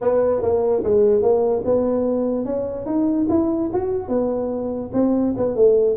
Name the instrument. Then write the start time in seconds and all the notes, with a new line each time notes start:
tuba
0.01 B3
0.42 A#3
0.83 G#3
1.21 A#3
1.64 B3
2.45 C#4
2.85 D#4
3.29 E4
3.73 F#4
4.08 B3
4.93 C4
5.36 B3
5.55 A3